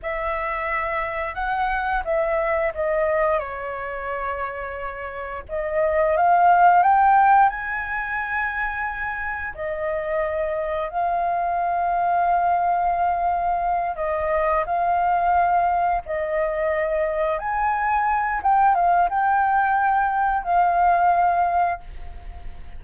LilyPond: \new Staff \with { instrumentName = "flute" } { \time 4/4 \tempo 4 = 88 e''2 fis''4 e''4 | dis''4 cis''2. | dis''4 f''4 g''4 gis''4~ | gis''2 dis''2 |
f''1~ | f''8 dis''4 f''2 dis''8~ | dis''4. gis''4. g''8 f''8 | g''2 f''2 | }